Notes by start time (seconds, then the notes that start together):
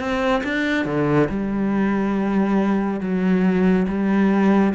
0.00 C4
0.44 D4
0.86 D3
1.30 G3
3.01 F#3
3.88 G3